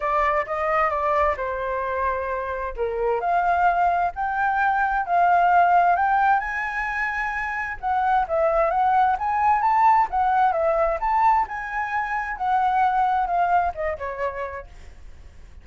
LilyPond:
\new Staff \with { instrumentName = "flute" } { \time 4/4 \tempo 4 = 131 d''4 dis''4 d''4 c''4~ | c''2 ais'4 f''4~ | f''4 g''2 f''4~ | f''4 g''4 gis''2~ |
gis''4 fis''4 e''4 fis''4 | gis''4 a''4 fis''4 e''4 | a''4 gis''2 fis''4~ | fis''4 f''4 dis''8 cis''4. | }